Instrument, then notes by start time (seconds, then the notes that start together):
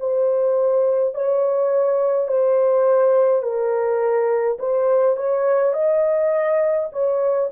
horn
0.00 C5
1.14 C#5
2.28 C5
3.42 A#4
4.59 C5
5.17 C#5
5.73 D#5
6.92 C#5